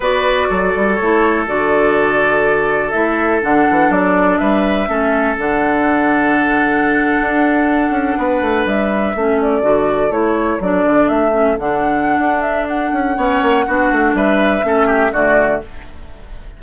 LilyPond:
<<
  \new Staff \with { instrumentName = "flute" } { \time 4/4 \tempo 4 = 123 d''2 cis''4 d''4~ | d''2 e''4 fis''4 | d''4 e''2 fis''4~ | fis''1~ |
fis''4.~ fis''16 e''4. d''8.~ | d''8. cis''4 d''4 e''4 fis''16~ | fis''4. e''8 fis''2~ | fis''4 e''2 d''4 | }
  \new Staff \with { instrumentName = "oboe" } { \time 4/4 b'4 a'2.~ | a'1~ | a'4 b'4 a'2~ | a'1~ |
a'8. b'2 a'4~ a'16~ | a'1~ | a'2. cis''4 | fis'4 b'4 a'8 g'8 fis'4 | }
  \new Staff \with { instrumentName = "clarinet" } { \time 4/4 fis'2 e'4 fis'4~ | fis'2 e'4 d'4~ | d'2 cis'4 d'4~ | d'1~ |
d'2~ d'8. cis'4 fis'16~ | fis'8. e'4 d'4. cis'8 d'16~ | d'2. cis'4 | d'2 cis'4 a4 | }
  \new Staff \with { instrumentName = "bassoon" } { \time 4/4 b4 fis8 g8 a4 d4~ | d2 a4 d8 e8 | fis4 g4 a4 d4~ | d2~ d8. d'4~ d'16~ |
d'16 cis'8 b8 a8 g4 a4 d16~ | d8. a4 fis8 d8 a4 d16~ | d4 d'4. cis'8 b8 ais8 | b8 a8 g4 a4 d4 | }
>>